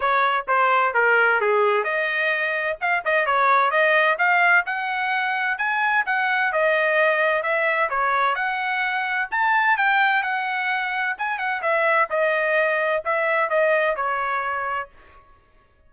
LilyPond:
\new Staff \with { instrumentName = "trumpet" } { \time 4/4 \tempo 4 = 129 cis''4 c''4 ais'4 gis'4 | dis''2 f''8 dis''8 cis''4 | dis''4 f''4 fis''2 | gis''4 fis''4 dis''2 |
e''4 cis''4 fis''2 | a''4 g''4 fis''2 | gis''8 fis''8 e''4 dis''2 | e''4 dis''4 cis''2 | }